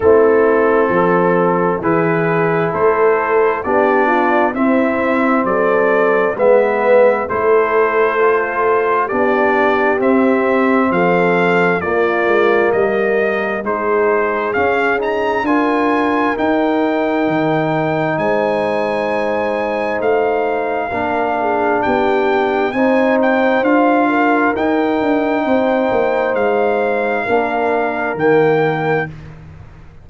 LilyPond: <<
  \new Staff \with { instrumentName = "trumpet" } { \time 4/4 \tempo 4 = 66 a'2 b'4 c''4 | d''4 e''4 d''4 e''4 | c''2 d''4 e''4 | f''4 d''4 dis''4 c''4 |
f''8 ais''8 gis''4 g''2 | gis''2 f''2 | g''4 gis''8 g''8 f''4 g''4~ | g''4 f''2 g''4 | }
  \new Staff \with { instrumentName = "horn" } { \time 4/4 e'4 a'4 gis'4 a'4 | g'8 f'8 e'4 a'4 b'4 | a'2 g'2 | a'4 f'4 ais'4 gis'4~ |
gis'4 ais'2. | c''2. ais'8 gis'8 | g'4 c''4. ais'4. | c''2 ais'2 | }
  \new Staff \with { instrumentName = "trombone" } { \time 4/4 c'2 e'2 | d'4 c'2 b4 | e'4 f'4 d'4 c'4~ | c'4 ais2 dis'4 |
cis'8 dis'8 f'4 dis'2~ | dis'2. d'4~ | d'4 dis'4 f'4 dis'4~ | dis'2 d'4 ais4 | }
  \new Staff \with { instrumentName = "tuba" } { \time 4/4 a4 f4 e4 a4 | b4 c'4 fis4 gis4 | a2 b4 c'4 | f4 ais8 gis8 g4 gis4 |
cis'4 d'4 dis'4 dis4 | gis2 a4 ais4 | b4 c'4 d'4 dis'8 d'8 | c'8 ais8 gis4 ais4 dis4 | }
>>